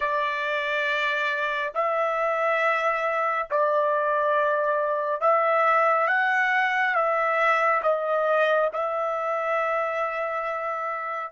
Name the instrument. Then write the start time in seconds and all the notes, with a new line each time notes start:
trumpet
0.00 D5
1.74 E5
3.50 D5
5.20 E5
6.07 F#5
6.94 E5
7.82 D#5
8.73 E5